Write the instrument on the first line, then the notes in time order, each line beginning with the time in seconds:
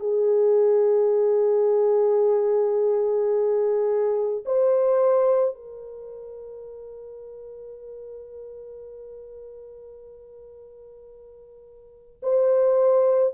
horn
0.00 G#4
4.46 C5
5.55 A#4
12.23 C5